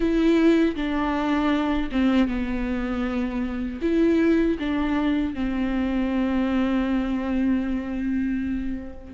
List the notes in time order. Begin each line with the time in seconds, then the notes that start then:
0.00 E4
0.75 D4
1.91 C4
2.28 B3
3.81 E4
4.59 D4
5.34 C4